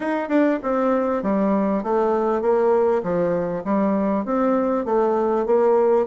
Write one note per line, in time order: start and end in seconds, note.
0.00 0.28 D#4
0.28 0.59 D4
0.62 1.22 C4
1.22 1.83 G3
1.83 2.41 A3
2.41 3.02 A#3
3.03 3.63 F3
3.64 4.25 G3
4.25 4.85 C4
4.85 5.45 A3
5.46 6.06 A#3